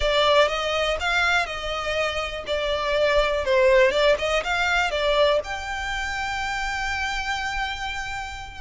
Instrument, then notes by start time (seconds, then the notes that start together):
violin
0.00 D5
0.48 D#5
1.00 F5
1.46 D#5
2.46 D5
3.44 C5
3.91 D5
4.18 D#5
4.43 F5
4.90 D5
5.44 G5